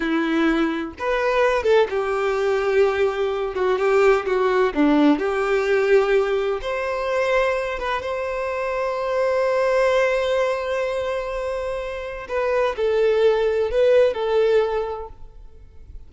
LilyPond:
\new Staff \with { instrumentName = "violin" } { \time 4/4 \tempo 4 = 127 e'2 b'4. a'8 | g'2.~ g'8 fis'8 | g'4 fis'4 d'4 g'4~ | g'2 c''2~ |
c''8 b'8 c''2.~ | c''1~ | c''2 b'4 a'4~ | a'4 b'4 a'2 | }